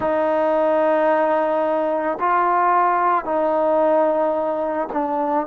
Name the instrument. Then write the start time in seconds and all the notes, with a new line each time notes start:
trombone
0.00 D#4
2.19 F4
3.24 D#4
4.92 D4